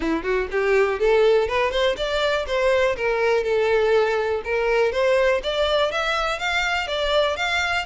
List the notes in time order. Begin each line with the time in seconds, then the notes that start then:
0.00 E4
0.23 F#4
0.51 G4
0.99 A4
1.48 B4
1.71 C5
1.96 D5
2.46 C5
2.96 A#4
3.43 A4
4.44 A#4
4.92 C5
5.43 D5
5.91 E5
6.39 F5
6.87 D5
7.36 F5